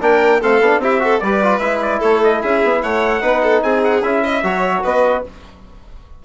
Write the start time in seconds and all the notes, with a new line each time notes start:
0.00 A#3 D4 A#4 G5
0.41 A3 C4 A4 F5
0.60 B3 D4
0.78 C4 E4 G4 E5
0.99 F#4 A4
1.19 G3 G4 B4 D5
1.42 F4
1.59 G#3 E4 E5
1.81 D5
1.98 A3 A4 C#5
2.22 D#5
2.41 C#4 G#4 E5
2.63 B3
2.82 A3 C#5 F#5
3.21 B3 D#4 B4
3.43 A4
3.62 C4 G#4 G#5
3.83 F#5
4.02 C#4 E4 E5
4.23 D#5
4.43 F#3 F#4 C#5
4.82 B3 B4 D#5